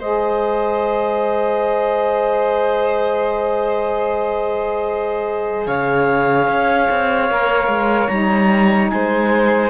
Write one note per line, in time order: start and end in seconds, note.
0.00 5.67 G#3
0.00 7.30 G#4
0.00 5.67 C5
0.00 5.67 D#5
5.67 6.48 C#3
5.67 8.91 C#5
5.67 8.08 F5
6.48 6.89 C#4
6.90 7.31 C4
7.30 7.68 A#3
7.30 8.11 A#4
7.68 8.08 G#3
8.08 8.91 G3
8.08 9.70 D#4
8.08 8.89 A#5
8.90 9.70 G#3
8.90 9.70 C5
8.90 9.70 G#5